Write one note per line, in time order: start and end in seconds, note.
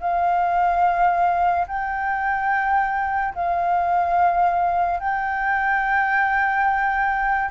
0.00 1.67 F5
1.68 3.34 G5
3.35 5.00 F5
5.00 7.50 G5